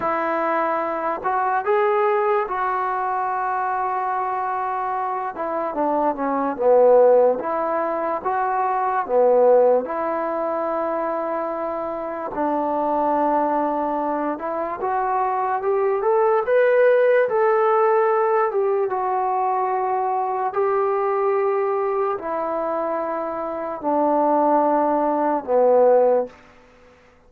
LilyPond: \new Staff \with { instrumentName = "trombone" } { \time 4/4 \tempo 4 = 73 e'4. fis'8 gis'4 fis'4~ | fis'2~ fis'8 e'8 d'8 cis'8 | b4 e'4 fis'4 b4 | e'2. d'4~ |
d'4. e'8 fis'4 g'8 a'8 | b'4 a'4. g'8 fis'4~ | fis'4 g'2 e'4~ | e'4 d'2 b4 | }